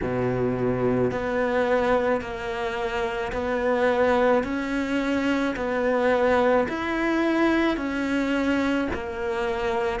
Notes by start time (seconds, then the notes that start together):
0.02 B2
1.11 B3
2.21 A#3
3.32 B3
4.43 C#4
5.56 B3
6.68 E4
7.76 C#4
8.93 A#3